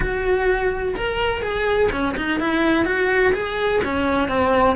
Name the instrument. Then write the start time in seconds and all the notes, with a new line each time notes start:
cello
0.00 F#4
0.95 A#4
1.42 G#4
1.92 C#4
2.16 D#4
2.39 E4
2.85 F#4
3.33 G#4
3.84 C#4
4.28 C4